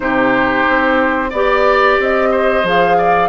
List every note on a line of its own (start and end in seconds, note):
0.00 0.65 C3
0.00 1.29 D#4
0.00 1.30 G4
0.00 1.31 C5
0.68 1.32 C4
1.30 1.98 B3
1.30 2.65 G4
1.30 2.29 D5
1.30 2.00 D5
1.99 2.63 C4
1.99 2.67 D#5
2.31 2.97 C5
2.63 3.29 F3
2.63 3.29 G#4
2.63 3.29 F5
2.97 3.29 D5